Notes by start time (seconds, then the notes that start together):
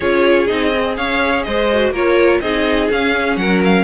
0.00 C#4 F4 G#4 C#5
0.47 C4 D#4 D#5
0.74 G#4
0.96 C#4 C#5 F5
1.43 G#3 C5 D#5
1.72 F#4
1.91 A#3 F4 A#4 C#5
2.41 C4 D#4 G#4 D#5
2.90 C#4 F5
3.36 F#3 A#4 F#5
3.64 F5